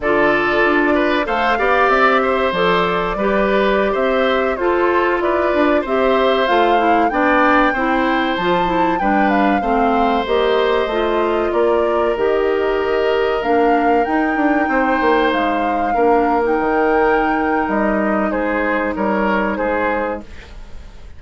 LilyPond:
<<
  \new Staff \with { instrumentName = "flute" } { \time 4/4 \tempo 4 = 95 d''2 f''4 e''4 | d''2~ d''16 e''4 c''8.~ | c''16 d''4 e''4 f''4 g''8.~ | g''4~ g''16 a''4 g''8 f''4~ f''16~ |
f''16 dis''2 d''4 dis''8.~ | dis''4~ dis''16 f''4 g''4.~ g''16~ | g''16 f''4.~ f''16 g''2 | dis''4 c''4 cis''4 c''4 | }
  \new Staff \with { instrumentName = "oboe" } { \time 4/4 a'4. b'8 c''8 d''4 c''8~ | c''4 b'4~ b'16 c''4 a'8.~ | a'16 b'4 c''2 d''8.~ | d''16 c''2 b'4 c''8.~ |
c''2~ c''16 ais'4.~ ais'16~ | ais'2.~ ais'16 c''8.~ | c''4~ c''16 ais'2~ ais'8.~ | ais'4 gis'4 ais'4 gis'4 | }
  \new Staff \with { instrumentName = "clarinet" } { \time 4/4 f'2 a'8 g'4. | a'4 g'2~ g'16 f'8.~ | f'4~ f'16 g'4 f'8 e'8 d'8.~ | d'16 e'4 f'8 e'8 d'4 c'8.~ |
c'16 g'4 f'2 g'8.~ | g'4~ g'16 d'4 dis'4.~ dis'16~ | dis'4~ dis'16 d'8. dis'2~ | dis'1 | }
  \new Staff \with { instrumentName = "bassoon" } { \time 4/4 d4 d'4 a8 b8 c'4 | f4 g4~ g16 c'4 f'8.~ | f'16 e'8 d'8 c'4 a4 b8.~ | b16 c'4 f4 g4 a8.~ |
a16 ais4 a4 ais4 dis8.~ | dis4~ dis16 ais4 dis'8 d'8 c'8 ais16~ | ais16 gis4 ais4 dis4.~ dis16 | g4 gis4 g4 gis4 | }
>>